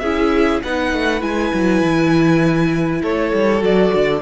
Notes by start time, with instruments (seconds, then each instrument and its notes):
0.00 cello C#4, viola E4, violin G#4 E5
0.63 cello B3, viola D#4, violin B4 F#5
0.93 cello A3
1.20 cello G#3, viola E4, violin G#5
1.54 cello F#3
1.82 cello E3
3.02 cello A3, violin A4 C#5
3.33 cello G3
3.60 cello F#3, viola F#4, violin D5
3.94 cello D3